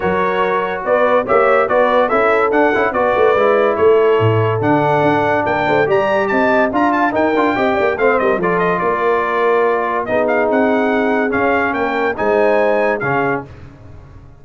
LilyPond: <<
  \new Staff \with { instrumentName = "trumpet" } { \time 4/4 \tempo 4 = 143 cis''2 d''4 e''4 | d''4 e''4 fis''4 d''4~ | d''4 cis''2 fis''4~ | fis''4 g''4 ais''4 a''4 |
ais''8 a''8 g''2 f''8 dis''8 | d''8 dis''8 d''2. | dis''8 f''8 fis''2 f''4 | g''4 gis''2 f''4 | }
  \new Staff \with { instrumentName = "horn" } { \time 4/4 ais'2 b'4 cis''4 | b'4 a'2 b'4~ | b'4 a'2.~ | a'4 ais'8 c''8 d''4 dis''4 |
f''4 ais'4 dis''8 d''8 c''8 ais'8 | a'4 ais'2. | gis'1 | ais'4 c''2 gis'4 | }
  \new Staff \with { instrumentName = "trombone" } { \time 4/4 fis'2. g'4 | fis'4 e'4 d'8 e'8 fis'4 | e'2. d'4~ | d'2 g'2 |
f'4 dis'8 f'8 g'4 c'4 | f'1 | dis'2. cis'4~ | cis'4 dis'2 cis'4 | }
  \new Staff \with { instrumentName = "tuba" } { \time 4/4 fis2 b4 ais4 | b4 cis'4 d'8 cis'8 b8 a8 | gis4 a4 a,4 d4 | d'4 ais8 a8 g4 c'4 |
d'4 dis'8 d'8 c'8 ais8 a8 g8 | f4 ais2. | b4 c'2 cis'4 | ais4 gis2 cis4 | }
>>